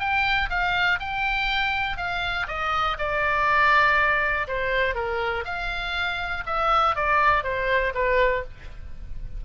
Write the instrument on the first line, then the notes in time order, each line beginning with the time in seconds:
oboe
0.00 G5
0.50 F5
1.00 G5
1.98 F5
2.48 D#5
2.99 D5
4.48 C5
4.95 A#4
5.45 F5
6.47 E5
6.96 D5
7.44 C5
7.95 B4